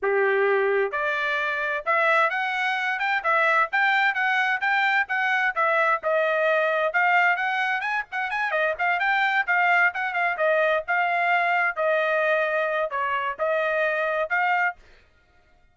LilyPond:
\new Staff \with { instrumentName = "trumpet" } { \time 4/4 \tempo 4 = 130 g'2 d''2 | e''4 fis''4. g''8 e''4 | g''4 fis''4 g''4 fis''4 | e''4 dis''2 f''4 |
fis''4 gis''8 fis''8 gis''8 dis''8 f''8 g''8~ | g''8 f''4 fis''8 f''8 dis''4 f''8~ | f''4. dis''2~ dis''8 | cis''4 dis''2 f''4 | }